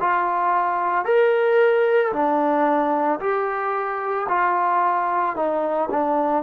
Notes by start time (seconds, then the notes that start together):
0.00 F4
1.05 A#4
2.12 D4
3.20 G4
4.28 F4
5.35 D#4
5.90 D4